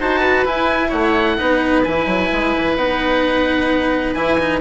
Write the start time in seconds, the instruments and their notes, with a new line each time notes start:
0.00 bassoon D#4, cello F#4, oboe C5 A5
0.20 oboe B4
0.46 bassoon E4, cello E4, oboe G#5
0.89 bassoon A3, oboe C#5 F#5
1.38 bassoon B3, cello D#4, oboe B4
1.84 bassoon E3, cello E4, oboe G#5
2.06 bassoon F#3
2.33 bassoon G#3
2.57 bassoon E3
2.77 bassoon B3, cello D#4, oboe F#5
4.14 bassoon E3, cello E4, oboe G#5
4.39 cello D#4